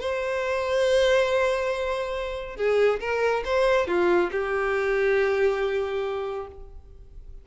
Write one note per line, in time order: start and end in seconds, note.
0.00 2.56 C5
2.56 2.99 G#4
3.00 3.43 A#4
3.45 3.87 C5
3.87 4.30 F4
4.31 6.47 G4